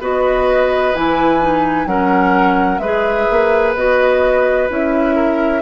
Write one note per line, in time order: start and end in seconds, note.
0.00 0.94 B3
0.00 0.94 F#4
0.00 1.88 B4
0.00 0.95 D#5
0.94 1.86 E3
0.94 1.41 E4
0.94 1.87 G#5
1.41 1.86 D#4
1.86 2.79 F#3
1.86 2.80 C#4
1.86 2.82 A#4
1.86 2.79 F#5
2.79 3.26 G#3
2.79 3.77 G#4
2.79 5.15 B4
2.79 3.72 E5
3.30 3.75 A#3
3.75 4.69 B3
3.75 4.69 F#4
3.75 4.69 D#5
4.69 5.62 C#4
4.69 5.62 E4
4.69 5.62 E5
5.15 5.62 A#4